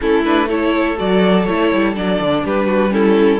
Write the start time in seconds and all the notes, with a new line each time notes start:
0.01 A3 C#4 E4 A4
0.24 D4 B4
0.48 E4 A4 C#5
0.97 F#3 F#4 D5
1.44 A3 E4 C#5
1.72 G3
1.94 F#3 D4 D5
2.19 D3
2.43 G3 G4 B4
2.66 F#4
2.89 C#4 E4 A4